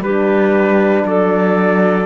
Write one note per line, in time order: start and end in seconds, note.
0.00 1.03 G3
0.00 2.06 D4
0.00 1.07 G4
0.00 1.06 B4
1.04 2.06 F#3
1.04 2.06 A4
1.04 2.06 D5